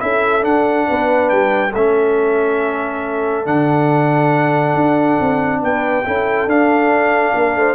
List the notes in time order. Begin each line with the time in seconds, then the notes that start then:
0.00 C#4 E4 A4 E5
0.42 D4 F#5
0.88 B3 B4
1.30 G3 G5
1.70 A3 A4 E5
1.77 C#4
3.45 D3 D4 F#5
4.75 D4
5.21 C4
5.62 B3 B4 G5
6.06 C#4 E4 A4
6.46 D4 F5
7.35 A#3 A#4
7.56 A3 C5